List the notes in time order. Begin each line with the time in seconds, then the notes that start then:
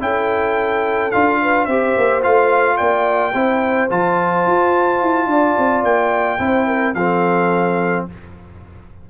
0.00 C#4 E4 A4 G5
1.11 D4 F4 F5
1.42 B4
1.65 C4 G4 C5 E5
1.97 A#3
2.22 A3 F4 F5
2.77 A#3 D5 G5
3.34 C4 E4 C5
3.89 F3 F4 A5
4.46 F4
5.02 E4
5.26 D4 D5
5.58 C4
5.83 A#3 G5
6.39 C4 E4 C5
6.67 A#4
6.94 F3 C4 A4 F5